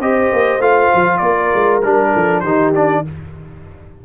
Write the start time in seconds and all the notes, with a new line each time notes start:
0.00 C4 G4 C5 D#5
0.33 A#3
0.59 A3 F4 F5
0.94 F3
1.18 A#3 A#4 D5
1.54 G#3
1.82 G3 D4 A#4
2.13 F3 A4
2.40 D#3 D#4 G4 C5
2.75 D4 D5